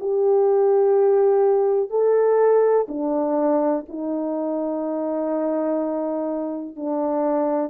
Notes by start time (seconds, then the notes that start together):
0.00 G4
1.90 A4
2.89 D4
3.88 D#4
6.76 D4